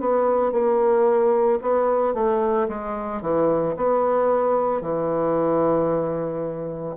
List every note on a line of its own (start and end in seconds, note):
0.00 0.52 B3
0.52 1.59 A#3
1.62 2.14 B3
2.14 2.68 A3
2.68 3.22 G#3
3.22 3.75 E3
3.76 4.82 B3
4.82 6.96 E3